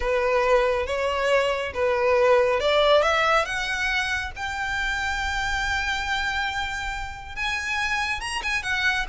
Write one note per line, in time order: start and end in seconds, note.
0.00 0.86 B4
0.86 1.72 C#5
1.74 2.60 B4
2.60 3.02 D5
3.02 3.45 E5
3.45 4.31 F#5
4.36 7.35 G5
7.35 8.20 G#5
8.20 8.42 A#5
8.42 8.63 G#5
8.63 9.06 F#5